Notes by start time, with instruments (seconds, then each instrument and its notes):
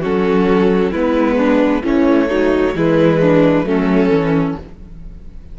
0.00 cello F#3, viola C#4, violin F#4 A4
0.91 cello G#3, viola B3, violin E4 B4
1.36 violin D4
1.83 viola E3, cello A3, violin C#4 C#5
2.28 viola F#3, violin D#4
2.74 cello E3, viola G#3, violin E4 B4
3.20 violin D4
3.63 cello F#3, viola A3, violin C#4 A4
4.09 cello E3, viola C#4